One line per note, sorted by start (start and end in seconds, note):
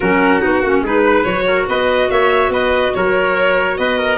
0.00 0.43 F#3
0.00 0.40 C#4
0.00 0.82 F#4
0.00 0.41 A#4
0.40 0.61 B3
0.40 0.61 D#4
0.40 0.83 F#4
0.61 0.82 A#3
0.61 0.85 C#4
0.82 1.24 G#3
0.82 1.24 D#4
0.82 1.04 G#4
0.82 1.23 B4
1.04 1.46 B4
1.23 1.68 F#3
1.23 4.17 F#4
1.23 1.65 C#5
1.47 1.68 A#4
1.68 2.10 B3
1.68 2.10 B4
1.68 2.10 D#5
2.10 2.49 A#3
2.10 2.52 C#5
2.10 2.52 E5
2.49 2.91 B3
2.49 2.94 B4
2.49 2.94 D#5
2.94 3.78 F#3
2.94 3.79 A#4
2.94 3.77 C#5
3.77 4.17 B3
3.77 3.98 B4
3.77 4.17 D#5
3.98 4.17 A#4